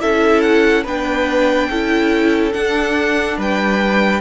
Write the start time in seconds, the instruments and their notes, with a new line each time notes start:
0.00 cello C#4, viola E4, violin A4 E5
0.42 violin F#5
0.84 cello B3, viola D4, violin B4 G5
1.70 cello C#4, viola E4, violin A4
2.52 viola D4, cello D4, violin F#5
3.38 cello G3, violin B4 G5